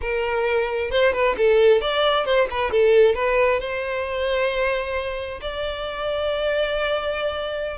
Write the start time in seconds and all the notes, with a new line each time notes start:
0.01 A#4
0.90 C5
1.13 B4
1.37 A4
1.81 D5
2.25 C5
2.50 B4
2.71 A4
3.15 B4
3.60 C5
5.41 D5